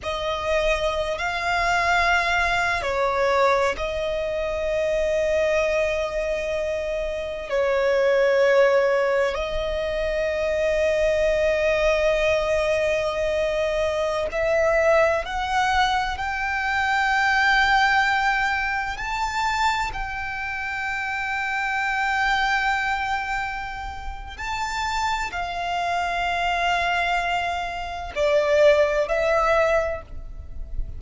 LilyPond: \new Staff \with { instrumentName = "violin" } { \time 4/4 \tempo 4 = 64 dis''4~ dis''16 f''4.~ f''16 cis''4 | dis''1 | cis''2 dis''2~ | dis''2.~ dis''16 e''8.~ |
e''16 fis''4 g''2~ g''8.~ | g''16 a''4 g''2~ g''8.~ | g''2 a''4 f''4~ | f''2 d''4 e''4 | }